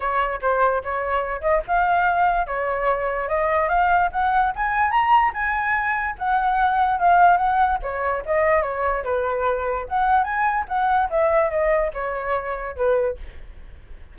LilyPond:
\new Staff \with { instrumentName = "flute" } { \time 4/4 \tempo 4 = 146 cis''4 c''4 cis''4. dis''8 | f''2 cis''2 | dis''4 f''4 fis''4 gis''4 | ais''4 gis''2 fis''4~ |
fis''4 f''4 fis''4 cis''4 | dis''4 cis''4 b'2 | fis''4 gis''4 fis''4 e''4 | dis''4 cis''2 b'4 | }